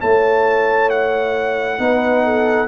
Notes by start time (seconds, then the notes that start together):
0.00 A3 E4 C#5 A5
0.90 F#5
1.78 B3 D#4 B4
2.24 A4